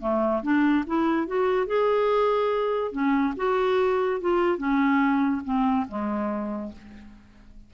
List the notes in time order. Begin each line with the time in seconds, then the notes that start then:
0.00 A3
0.43 D4
0.87 E4
1.27 F#4
1.66 G#4
2.92 C#4
3.36 F#4
4.21 F4
4.58 C#4
5.44 C4
5.88 G#3